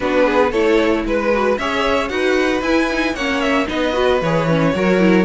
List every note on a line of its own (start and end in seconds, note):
0.00 0.51 B3
0.00 0.51 D4
0.00 0.25 F#4
0.00 0.52 B4
0.25 0.51 G#4
0.51 1.04 A3
0.51 1.32 E4
0.51 1.03 A4
0.51 1.04 C#5
1.05 1.58 G#3
1.05 1.58 B4
1.33 1.59 F#4
1.58 2.10 C#4
1.58 2.08 G#4
1.58 2.11 C#5
1.58 2.08 E5
2.08 2.61 D#4
2.08 2.61 F#4
2.08 3.14 B4
2.08 2.61 F#5
2.61 3.14 E4
2.61 2.89 E4
2.61 3.15 G#5
2.90 3.16 D#4
3.14 3.67 A#3
3.14 3.66 C#4
3.14 3.67 C#5
3.14 3.40 F#5
3.40 3.67 E5
3.66 4.21 B3
3.66 3.92 D#4
3.66 4.73 B4
3.66 4.21 D#5
3.93 4.19 F#4
4.21 4.73 E3
4.21 4.48 G#4
4.21 5.25 C#5
4.48 4.74 C#4
4.74 5.25 F#3
4.74 4.99 F#4
4.74 5.25 A#4
4.99 5.25 E4